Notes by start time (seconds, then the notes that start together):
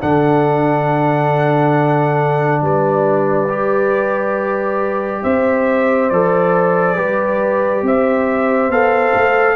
0.00 D3 D4 A4 F#5
2.61 G3 B4 D5
3.49 G4
5.22 C4 C5 E5
6.09 F3 A4 D5
6.96 G3 G4 B4
7.82 C4 C5 E5
8.69 B3 A4 F5
9.14 A3